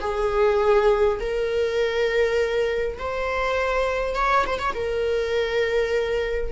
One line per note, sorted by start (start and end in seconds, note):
0.00 1.19 G#4
1.20 2.98 A#4
2.99 4.15 C5
4.15 4.44 C#5
4.46 4.59 C5
4.59 4.74 C#5
4.74 6.52 A#4